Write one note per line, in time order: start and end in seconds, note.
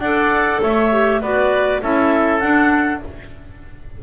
0.00 0.60 D4
0.00 0.92 A4
0.00 0.61 D5
0.00 0.61 F#5
0.63 1.21 A3
0.63 1.21 C#5
0.63 1.22 E5
0.92 1.22 G4
1.21 1.81 B3
1.21 1.83 F#4
1.21 1.81 B4
1.21 1.82 D5
1.83 2.43 C#4
1.83 2.41 E4
1.83 3.03 A4
1.83 2.40 E5
2.40 3.01 D4
2.40 3.03 D4
2.40 3.00 F#5